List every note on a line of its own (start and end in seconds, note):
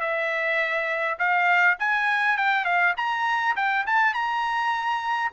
0.00 1.18 E5
1.18 1.77 F5
1.79 2.37 G#5
2.37 2.64 G5
2.64 2.94 F5
2.97 3.55 A#5
3.56 3.85 G5
3.86 4.13 A5
4.13 5.31 A#5